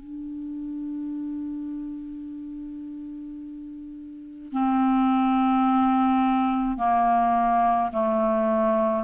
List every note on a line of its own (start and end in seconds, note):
0.00 4.52 D4
4.52 6.78 C4
6.78 7.91 A#3
7.92 9.04 A3